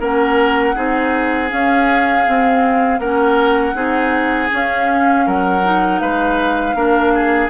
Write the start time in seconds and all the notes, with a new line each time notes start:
0.00 A#3 C#4 A#4 F#5
0.75 C4 D#4 G#4
1.49 C#4 F5
2.27 C4
2.99 A#3 C#4 A#4 F#5
3.74 C4 D#4 G#4
4.50 C#4 F5
5.26 F#3 A#4 F#5
5.64 D#4
6.00 G#3 B4 F5
6.75 A#3 D4 A#4
7.14 G#4